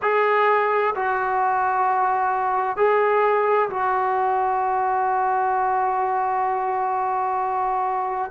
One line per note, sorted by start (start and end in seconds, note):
0.02 0.94 G#4
0.95 2.77 F#4
2.77 3.69 G#4
3.69 8.31 F#4